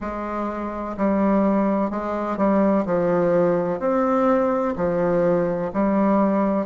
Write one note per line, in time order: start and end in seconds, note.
0.00 0.96 G#3
0.97 1.90 G3
1.90 2.37 G#3
2.37 2.84 G3
2.85 3.79 F3
3.79 4.74 C4
4.76 5.71 F3
5.73 6.66 G3